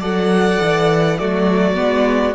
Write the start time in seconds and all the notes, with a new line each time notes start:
0.00 F#3 A4 D5 F#5
0.62 E3
1.19 F#3 A3 F#4 D5
1.75 G#3 B3